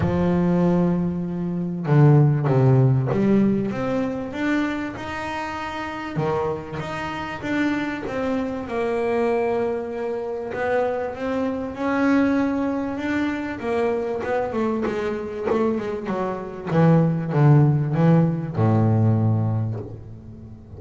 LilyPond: \new Staff \with { instrumentName = "double bass" } { \time 4/4 \tempo 4 = 97 f2. d4 | c4 g4 c'4 d'4 | dis'2 dis4 dis'4 | d'4 c'4 ais2~ |
ais4 b4 c'4 cis'4~ | cis'4 d'4 ais4 b8 a8 | gis4 a8 gis8 fis4 e4 | d4 e4 a,2 | }